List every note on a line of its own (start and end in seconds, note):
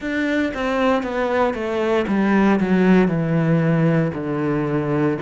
0.00 0.52 D4
0.54 1.03 C4
1.03 1.53 B3
1.53 2.05 A3
2.07 2.59 G3
2.60 3.08 F#3
3.08 4.11 E3
4.14 5.17 D3